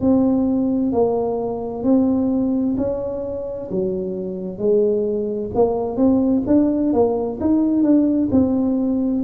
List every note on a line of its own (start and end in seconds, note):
0.00 0.92 C4
0.92 1.83 A#3
1.83 2.75 C4
2.77 3.70 C#4
3.71 4.58 F#3
4.58 5.50 G#3
5.54 5.96 A#3
5.96 6.42 C4
6.47 6.93 D4
6.93 7.39 A#3
7.40 7.83 D#4
7.83 8.29 D4
8.31 9.23 C4